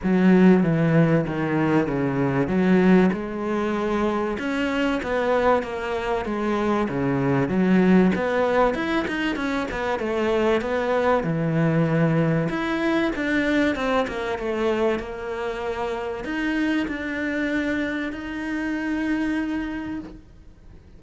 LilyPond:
\new Staff \with { instrumentName = "cello" } { \time 4/4 \tempo 4 = 96 fis4 e4 dis4 cis4 | fis4 gis2 cis'4 | b4 ais4 gis4 cis4 | fis4 b4 e'8 dis'8 cis'8 b8 |
a4 b4 e2 | e'4 d'4 c'8 ais8 a4 | ais2 dis'4 d'4~ | d'4 dis'2. | }